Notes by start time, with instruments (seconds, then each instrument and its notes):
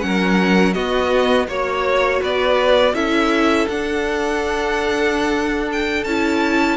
0.00 cello F#3, viola C#4, violin A#4 F#5
0.73 viola B3, cello B3, violin F#4 D#5
1.48 cello A#3, viola F#4, violin C#5
2.21 cello B3, violin B4 D5
2.93 cello C#4, viola E4, violin A4 E5
3.68 cello D4, viola D4, violin F#5
5.72 violin G5
6.04 cello C#4, viola E4, violin A5